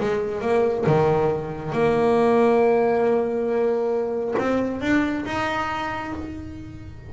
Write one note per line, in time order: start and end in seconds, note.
0.00 0.41 G#3
0.41 0.85 A#3
0.87 1.73 D#3
1.73 4.35 A#3
4.39 4.81 C4
4.81 5.25 D4
5.26 6.13 D#4